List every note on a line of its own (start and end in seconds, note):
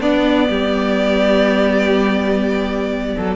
0.00 3.35 B3
0.00 0.49 B3
0.00 0.48 D4
0.00 3.35 D5
0.49 3.15 G3
0.49 3.15 G4
3.15 3.35 F#3
3.15 3.35 A4